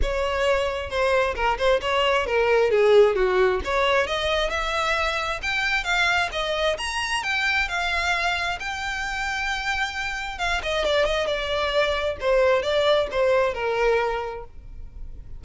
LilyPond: \new Staff \with { instrumentName = "violin" } { \time 4/4 \tempo 4 = 133 cis''2 c''4 ais'8 c''8 | cis''4 ais'4 gis'4 fis'4 | cis''4 dis''4 e''2 | g''4 f''4 dis''4 ais''4 |
g''4 f''2 g''4~ | g''2. f''8 dis''8 | d''8 dis''8 d''2 c''4 | d''4 c''4 ais'2 | }